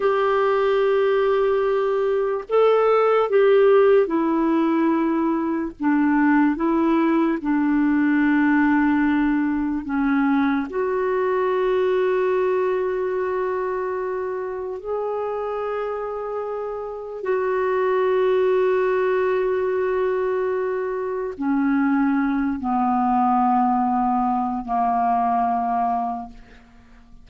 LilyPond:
\new Staff \with { instrumentName = "clarinet" } { \time 4/4 \tempo 4 = 73 g'2. a'4 | g'4 e'2 d'4 | e'4 d'2. | cis'4 fis'2.~ |
fis'2 gis'2~ | gis'4 fis'2.~ | fis'2 cis'4. b8~ | b2 ais2 | }